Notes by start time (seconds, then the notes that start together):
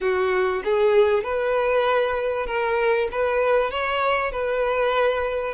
0.00 F#4
0.64 G#4
1.23 B4
2.46 A#4
3.11 B4
3.70 C#5
4.31 B4